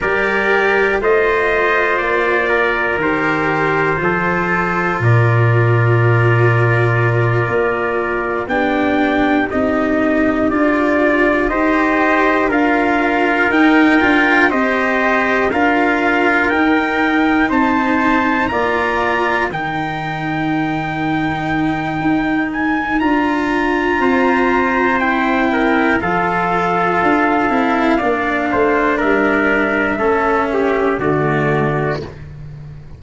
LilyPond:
<<
  \new Staff \with { instrumentName = "trumpet" } { \time 4/4 \tempo 4 = 60 d''4 dis''4 d''4 c''4~ | c''4 d''2.~ | d''8 g''4 dis''4 d''4 dis''8~ | dis''8 f''4 g''4 dis''4 f''8~ |
f''8 g''4 a''4 ais''4 g''8~ | g''2~ g''8 gis''8 ais''4~ | ais''4 g''4 f''2~ | f''4 e''2 d''4 | }
  \new Staff \with { instrumentName = "trumpet" } { \time 4/4 ais'4 c''4. ais'4. | a'4 ais'2.~ | ais'8 g'2. c''8~ | c''8 ais'2 c''4 ais'8~ |
ais'4. c''4 d''4 ais'8~ | ais'1 | c''4. ais'8 a'2 | d''8 c''8 ais'4 a'8 g'8 fis'4 | }
  \new Staff \with { instrumentName = "cello" } { \time 4/4 g'4 f'2 g'4 | f'1~ | f'8 d'4 dis'4 f'4 g'8~ | g'8 f'4 dis'8 f'8 g'4 f'8~ |
f'8 dis'2 f'4 dis'8~ | dis'2. f'4~ | f'4 e'4 f'4. e'8 | d'2 cis'4 a4 | }
  \new Staff \with { instrumentName = "tuba" } { \time 4/4 g4 a4 ais4 dis4 | f4 ais,2~ ais,8 ais8~ | ais8 b4 c'4 d'4 dis'8~ | dis'8 d'4 dis'8 d'8 c'4 d'8~ |
d'8 dis'4 c'4 ais4 dis8~ | dis2 dis'4 d'4 | c'2 f4 d'8 c'8 | ais8 a8 g4 a4 d4 | }
>>